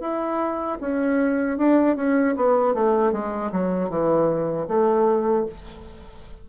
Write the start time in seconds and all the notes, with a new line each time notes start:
0.00 E4
0.81 C#4
1.58 D4
1.96 C#4
2.36 B3
2.74 A3
3.12 G#3
3.52 F#3
3.89 E3
4.68 A3